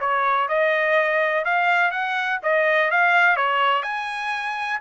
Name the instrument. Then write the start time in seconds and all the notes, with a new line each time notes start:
trumpet
0.00 C#5
0.48 D#5
1.45 F5
1.91 F#5
2.43 D#5
2.91 F5
3.36 C#5
3.83 G#5